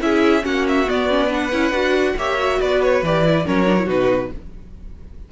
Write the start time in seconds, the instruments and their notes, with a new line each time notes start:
0.00 cello C#4, viola E4, violin G#4 E5
0.41 cello A#3, viola C#4, violin F#4 F#5
0.67 violin E5
0.88 viola B3, cello B3, violin D5
1.09 viola C#4
1.26 viola D4, violin B4
1.33 violin F#5
1.52 cello C#4, viola E4
1.71 cello D4, viola F#4
2.16 cello A#3, viola G4, violin C#5 E5
2.38 viola F#4
2.60 cello B3, violin B4 D5
2.82 violin C#5
3.02 cello E3, viola G4, violin D5
3.24 viola E4
3.45 cello F#3, viola C#4, violin A#4 C#5
3.66 viola D4
3.78 viola E4
3.85 cello B2, viola D#4, violin F#4 B4